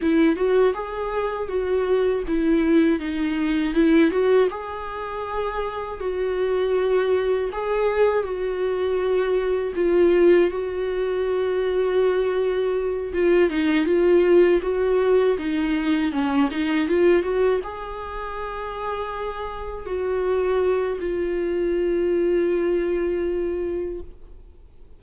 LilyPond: \new Staff \with { instrumentName = "viola" } { \time 4/4 \tempo 4 = 80 e'8 fis'8 gis'4 fis'4 e'4 | dis'4 e'8 fis'8 gis'2 | fis'2 gis'4 fis'4~ | fis'4 f'4 fis'2~ |
fis'4. f'8 dis'8 f'4 fis'8~ | fis'8 dis'4 cis'8 dis'8 f'8 fis'8 gis'8~ | gis'2~ gis'8 fis'4. | f'1 | }